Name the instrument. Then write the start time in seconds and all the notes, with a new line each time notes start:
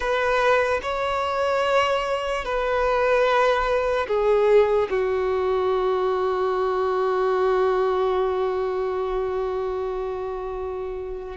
violin
0.00 B4
0.82 C#5
2.44 B4
4.07 G#4
4.90 F#4